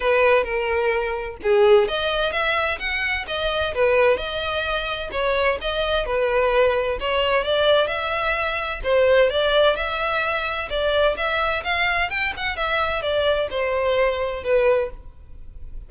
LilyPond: \new Staff \with { instrumentName = "violin" } { \time 4/4 \tempo 4 = 129 b'4 ais'2 gis'4 | dis''4 e''4 fis''4 dis''4 | b'4 dis''2 cis''4 | dis''4 b'2 cis''4 |
d''4 e''2 c''4 | d''4 e''2 d''4 | e''4 f''4 g''8 fis''8 e''4 | d''4 c''2 b'4 | }